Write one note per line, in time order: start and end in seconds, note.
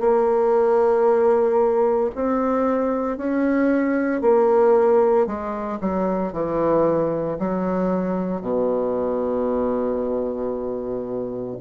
0.00 2.11 A#3
2.15 3.17 C4
3.17 4.22 C#4
4.22 5.26 A#3
5.26 5.79 G#3
5.80 6.33 F#3
6.33 7.38 E3
7.39 8.41 F#3
8.41 11.57 B2